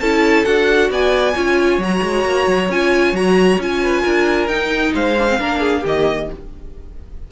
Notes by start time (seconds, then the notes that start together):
0.00 C#4 E4 A4 A5
0.45 D4 F#4 F#5
0.90 B3 D5 G#5
1.35 C#4 F4 C#5
1.78 F#3 F#4 A#5
2.02 G#3
2.24 A#3
2.47 F#3
2.69 C#4 F4 G#5
3.12 F#3 F#4 A#5
3.58 C#4 F4 G#5
3.82 B4
4.02 D4 A#4
4.47 D#4 G5
4.94 G#3 C5 F5
5.18 D4
5.28 C4
5.39 A#3 D4 A#4
5.59 G#4
5.81 D#3 A#3 G4 D#5